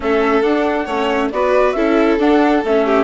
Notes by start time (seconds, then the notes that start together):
0.00 A3 C#4 A4 E5
0.42 D4 F#5
0.85 A3 C#4 C#5
1.31 B3 F#4 B4 D5
1.72 C#4 E4 A4 E5
2.18 D4 F#5
2.64 A3 C#4 E5
2.85 G4